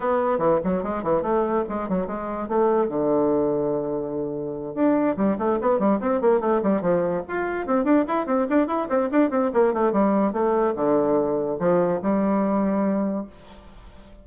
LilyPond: \new Staff \with { instrumentName = "bassoon" } { \time 4/4 \tempo 4 = 145 b4 e8 fis8 gis8 e8 a4 | gis8 fis8 gis4 a4 d4~ | d2.~ d8 d'8~ | d'8 g8 a8 b8 g8 c'8 ais8 a8 |
g8 f4 f'4 c'8 d'8 e'8 | c'8 d'8 e'8 c'8 d'8 c'8 ais8 a8 | g4 a4 d2 | f4 g2. | }